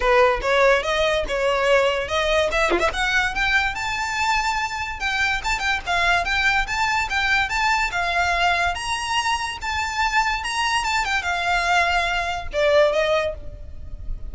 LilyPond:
\new Staff \with { instrumentName = "violin" } { \time 4/4 \tempo 4 = 144 b'4 cis''4 dis''4 cis''4~ | cis''4 dis''4 e''8 f'16 e''16 fis''4 | g''4 a''2. | g''4 a''8 g''8 f''4 g''4 |
a''4 g''4 a''4 f''4~ | f''4 ais''2 a''4~ | a''4 ais''4 a''8 g''8 f''4~ | f''2 d''4 dis''4 | }